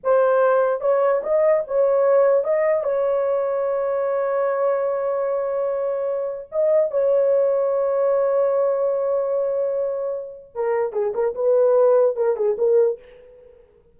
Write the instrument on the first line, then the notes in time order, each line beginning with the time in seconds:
horn
0.03 C5
0.81 C#5
1.23 D#5
1.67 C#5
2.44 D#5
2.83 C#5
6.51 D#5
6.90 C#5
10.54 A#4
10.92 G#4
11.14 A#4
11.35 B4
12.16 A#4
12.36 G#4
12.58 A#4